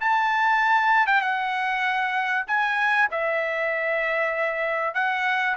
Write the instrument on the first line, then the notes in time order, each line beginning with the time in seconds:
trumpet
0.00 A5
1.07 G5
1.21 F#5
2.47 G#5
3.11 E5
4.94 F#5